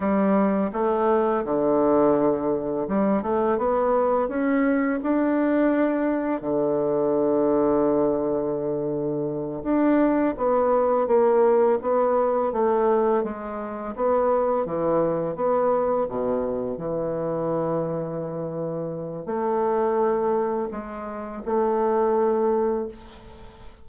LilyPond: \new Staff \with { instrumentName = "bassoon" } { \time 4/4 \tempo 4 = 84 g4 a4 d2 | g8 a8 b4 cis'4 d'4~ | d'4 d2.~ | d4. d'4 b4 ais8~ |
ais8 b4 a4 gis4 b8~ | b8 e4 b4 b,4 e8~ | e2. a4~ | a4 gis4 a2 | }